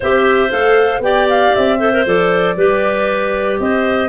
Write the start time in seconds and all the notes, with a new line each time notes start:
0.00 C4 G4 C5 E5
0.49 A3 A4 F5
0.99 B3 G4 D5 G5
1.29 F5
1.54 C4 E5
1.78 A4 C5
1.92 A#4
2.05 F3 A4 D5
2.56 G3 G4 B4
3.59 C4 C5 D#5